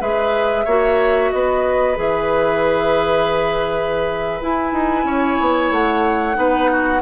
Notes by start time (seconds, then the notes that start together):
0.00 G#3 G#4 B4 E5
0.65 A#3 F#4 C#5
1.31 B3 B4 D#5
1.95 E3 G#4 E5
4.41 E4 G#5
4.72 D#4
5.04 C#4 C#5
5.40 B3
5.70 A3 F#5
6.34 B3 D#4 B4
6.71 F#4